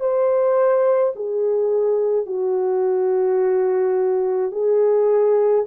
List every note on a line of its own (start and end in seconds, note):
0.00 1.13 C5
1.15 2.26 G#4
2.26 4.51 F#4
4.51 5.64 G#4